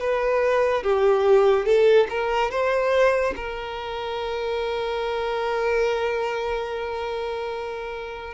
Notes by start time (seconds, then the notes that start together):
0.00 B4
0.83 G4
1.66 A4
2.10 A#4
2.51 C5
3.36 A#4